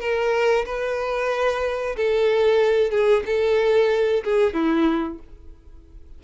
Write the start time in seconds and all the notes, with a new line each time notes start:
0.00 A#4
0.66 B4
1.96 A4
2.91 G#4
3.26 A4
4.24 G#4
4.53 E4